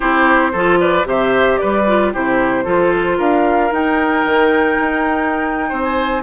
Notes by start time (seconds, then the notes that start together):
0.00 C4 E4 G4 C5
0.52 F3 F4 A4
0.79 B4 D5
1.04 C3 G4 C5 E5
1.57 G3 B4 D5
1.87 F4
2.13 C3 E4 G4 C5
2.64 F3 F4 A4
3.17 D4 A#4 F5
3.71 D#4 G5
4.25 D#3
4.79 D#4
5.68 C4 C5
5.82 G#5